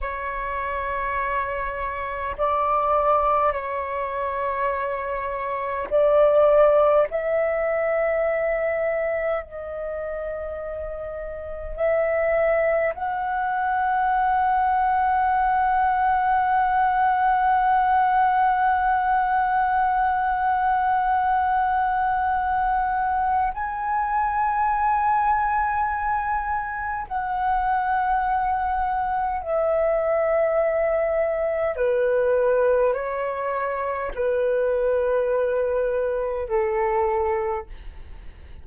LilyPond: \new Staff \with { instrumentName = "flute" } { \time 4/4 \tempo 4 = 51 cis''2 d''4 cis''4~ | cis''4 d''4 e''2 | dis''2 e''4 fis''4~ | fis''1~ |
fis''1 | gis''2. fis''4~ | fis''4 e''2 b'4 | cis''4 b'2 a'4 | }